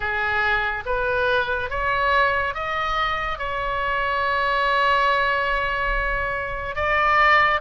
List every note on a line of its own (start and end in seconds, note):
0.00 0.83 G#4
0.85 1.70 B4
1.70 2.54 C#5
2.54 3.38 D#5
3.38 6.75 C#5
6.75 7.60 D5